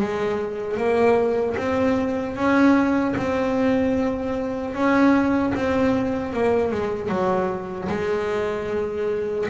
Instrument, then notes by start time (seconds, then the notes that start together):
double bass
0.00 G#3
0.77 A#3
1.57 C4
2.35 C#4
3.16 C4
4.74 C#4
5.54 C4
6.33 A#3
6.71 G#3
7.09 F#3
7.88 G#3